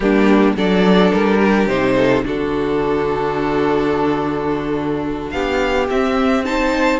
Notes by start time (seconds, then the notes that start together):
0.00 G3 A#3 D4 G4
0.56 F#3 D4 A4 D5
1.12 G3 A#4
1.39 G4
1.66 C3 D#4 C5
1.96 A4
2.24 D3 D4 F#4 A4
5.30 B3 G4 F5
5.90 C4 E5
6.44 D#4 C5 A5